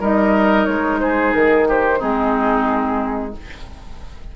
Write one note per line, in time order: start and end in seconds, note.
0.00 0.67 G3
0.00 1.99 D#4
0.00 1.00 A#4
0.00 0.65 D#5
0.65 1.34 G#3
0.65 0.99 C#5
1.00 1.69 G#4
1.00 1.33 C5
1.33 2.01 D#3
1.33 1.66 A#4
1.69 1.99 G4
1.69 2.02 C5
1.99 3.36 G#3
1.99 3.32 C4
1.99 3.32 D#4
1.99 3.35 G#4